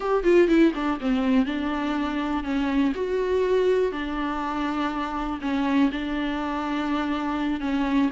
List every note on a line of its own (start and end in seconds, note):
0.00 0.23 G4
0.23 0.48 F4
0.48 0.72 E4
0.74 0.99 D4
1.00 1.45 C4
1.45 2.43 D4
2.43 2.92 C#4
2.94 3.92 F#4
3.92 5.39 D4
5.41 5.90 C#4
5.91 7.60 D4
7.60 8.09 C#4